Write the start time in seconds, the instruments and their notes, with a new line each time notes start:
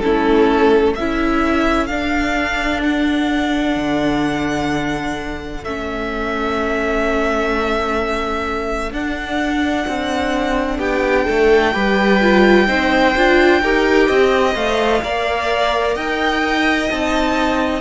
0.00 viola C#4, violin E4 A4
0.06 cello A3
0.95 cello C#4, viola E4, violin A4 E5
1.87 viola D4, cello D4, violin F5
2.83 violin F#5
3.76 cello D3
5.64 cello A3, viola C#4, violin E5
8.92 cello D4, viola D4, violin F#5
9.88 cello C4
10.79 cello B3, violin G4 G5
11.25 cello A3, violin A4
11.73 cello G3, viola G4, violin B4
12.21 viola F4
12.67 cello C4, viola D#4, violin C5
13.16 cello D4, viola F4
13.62 cello D#4, viola G4, violin A#4
14.08 cello C4, violin D#5
14.53 cello A3, viola C5, violin F5
15.02 cello A#3, viola A#4, violin D5
15.95 cello D#4, violin D#5 G5
16.90 cello C4, viola D#4, violin A5